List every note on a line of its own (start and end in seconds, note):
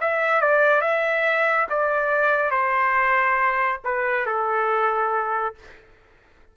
0.00 0.41 E5
0.41 0.81 D5
0.81 1.67 E5
1.69 2.50 D5
2.50 3.79 C5
3.84 4.26 B4
4.26 5.54 A4